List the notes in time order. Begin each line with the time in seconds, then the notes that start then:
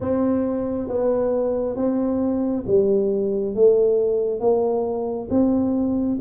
0.00 C4
0.88 B3
1.76 C4
2.66 G3
3.55 A3
4.40 A#3
5.29 C4